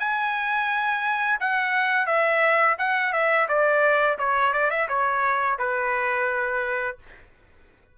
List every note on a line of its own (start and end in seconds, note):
0.00 1.40 G#5
1.40 2.07 F#5
2.07 2.77 E5
2.79 3.13 F#5
3.13 3.48 E5
3.49 4.19 D5
4.19 4.53 C#5
4.53 4.71 D5
4.71 4.88 E5
4.89 5.59 C#5
5.59 6.98 B4